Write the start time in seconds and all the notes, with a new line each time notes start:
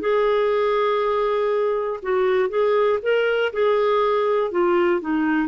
0.00 G#4
2.02 F#4
2.49 G#4
3.02 A#4
3.53 G#4
4.51 F4
5.01 D#4